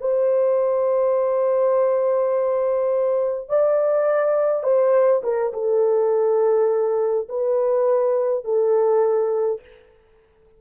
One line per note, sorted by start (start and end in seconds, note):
0.00 3.48 C5
3.48 4.63 D5
4.63 5.21 C5
5.23 5.52 A#4
5.53 7.28 A4
7.28 8.44 B4
8.44 9.60 A4